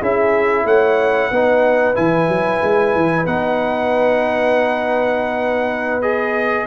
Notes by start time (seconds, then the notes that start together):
0.00 C#4 E4 G#4 E5
0.65 A3 C#5 F#5
1.31 B3 D#4 B4
1.95 E3 E4 G#5
2.28 F#3
2.63 G#3
2.95 E3
3.26 B3 D#4 F#5
6.02 G#4 D#5